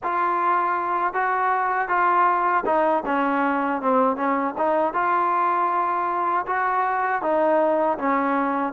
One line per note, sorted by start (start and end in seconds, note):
0.03 1.13 F4
1.13 1.88 F#4
1.88 2.64 F4
2.65 3.03 D#4
3.06 3.81 C#4
3.81 4.16 C4
4.16 4.54 C#4
4.57 4.93 D#4
4.93 6.45 F4
6.46 7.22 F#4
7.22 7.97 D#4
7.98 8.72 C#4